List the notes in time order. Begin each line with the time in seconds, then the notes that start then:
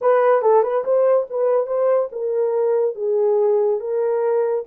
0.01 B4
0.41 A4
0.62 B4
0.84 C5
1.30 B4
1.67 C5
2.11 A#4
2.95 G#4
3.80 A#4